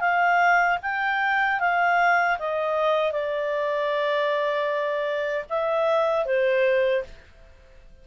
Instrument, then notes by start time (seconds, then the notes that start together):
clarinet
0.00 F5
0.82 G5
1.59 F5
2.39 D#5
3.11 D5
5.49 E5
6.25 C5